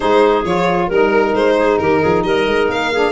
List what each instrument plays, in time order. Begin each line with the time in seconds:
0.00 tuba G#3, saxophone D#4, clarinet G#4, violin C5
0.43 tuba F3, saxophone F4, violin C#5
0.87 tuba G3, saxophone D#4, clarinet A#4, violin A#4
1.34 tuba G#3, violin C5
1.57 clarinet G#4
1.78 tuba D#3, clarinet G4, violin A#4
2.00 tuba F3, clarinet G#4
2.23 tuba G3, clarinet A#4, violin D#5
2.46 tuba G#3
2.68 tuba A#3, violin F5
2.92 saxophone D4, clarinet G#4